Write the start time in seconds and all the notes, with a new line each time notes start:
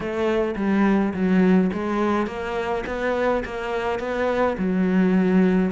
0.00 A3
0.56 G3
1.14 F#3
1.73 G#3
2.26 A#3
2.86 B3
3.44 A#3
3.99 B3
4.58 F#3